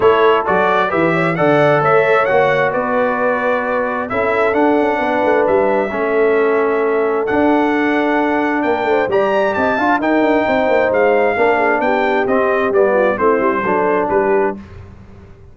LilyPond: <<
  \new Staff \with { instrumentName = "trumpet" } { \time 4/4 \tempo 4 = 132 cis''4 d''4 e''4 fis''4 | e''4 fis''4 d''2~ | d''4 e''4 fis''2 | e''1 |
fis''2. g''4 | ais''4 a''4 g''2 | f''2 g''4 dis''4 | d''4 c''2 b'4 | }
  \new Staff \with { instrumentName = "horn" } { \time 4/4 a'2 b'8 cis''8 d''4 | cis''2 b'2~ | b'4 a'2 b'4~ | b'4 a'2.~ |
a'2. ais'8 c''8 | d''4 dis''8 f''8 ais'4 c''4~ | c''4 ais'8 gis'8 g'2~ | g'8 f'8 e'4 a'4 g'4 | }
  \new Staff \with { instrumentName = "trombone" } { \time 4/4 e'4 fis'4 g'4 a'4~ | a'4 fis'2.~ | fis'4 e'4 d'2~ | d'4 cis'2. |
d'1 | g'4. f'8 dis'2~ | dis'4 d'2 c'4 | b4 c'4 d'2 | }
  \new Staff \with { instrumentName = "tuba" } { \time 4/4 a4 fis4 e4 d4 | a4 ais4 b2~ | b4 cis'4 d'8 cis'8 b8 a8 | g4 a2. |
d'2. ais8 a8 | g4 c'8 d'8 dis'8 d'8 c'8 ais8 | gis4 ais4 b4 c'4 | g4 a8 g8 fis4 g4 | }
>>